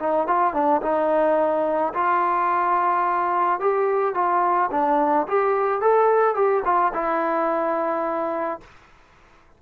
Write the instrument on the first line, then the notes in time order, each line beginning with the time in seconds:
trombone
0.00 D#4
0.28 F4
0.54 D4
0.82 D#4
1.94 F4
3.60 G4
4.15 F4
4.71 D4
5.28 G4
5.82 A4
6.35 G4
6.65 F4
6.94 E4